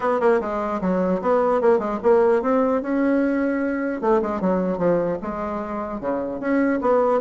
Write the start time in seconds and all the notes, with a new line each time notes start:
0.00 B3
0.20 A#3
0.41 G#3
0.81 F#3
1.21 B3
1.61 A#3
1.78 G#3
2.02 A#3
2.42 C4
2.82 C#4
4.01 A3
4.21 G#3
4.41 F#3
4.78 F3
5.22 G#3
6.00 C#3
6.40 C#4
6.81 B3